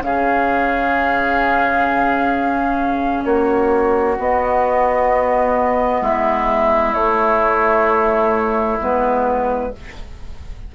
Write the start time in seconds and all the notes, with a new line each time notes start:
0.00 C#3 C#4 G#4 F5
3.24 A#3 F#4 C#5
4.19 B3 D#5
6.01 G#3 E4 E5
6.94 A3 C#5
8.80 G#3 B3 B4